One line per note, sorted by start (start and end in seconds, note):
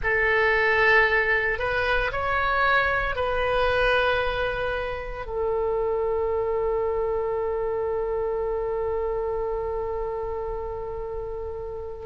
0.02 1.58 A4
1.58 2.11 B4
2.11 3.15 C#5
3.15 5.25 B4
5.25 12.06 A4